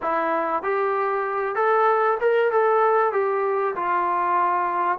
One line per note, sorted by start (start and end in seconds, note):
0.02 0.62 E4
0.62 1.55 G4
1.55 2.17 A4
2.20 2.51 A#4
2.51 3.12 A4
3.12 3.74 G4
3.75 4.98 F4